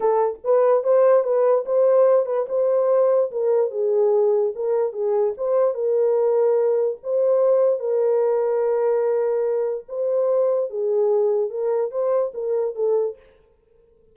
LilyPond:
\new Staff \with { instrumentName = "horn" } { \time 4/4 \tempo 4 = 146 a'4 b'4 c''4 b'4 | c''4. b'8 c''2 | ais'4 gis'2 ais'4 | gis'4 c''4 ais'2~ |
ais'4 c''2 ais'4~ | ais'1 | c''2 gis'2 | ais'4 c''4 ais'4 a'4 | }